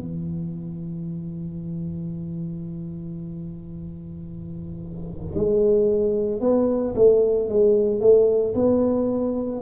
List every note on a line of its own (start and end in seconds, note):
0.00 5.35 E3
5.35 6.40 G#3
6.40 6.94 B3
6.95 7.49 A3
7.49 8.01 G#3
8.01 8.54 A3
8.55 9.62 B3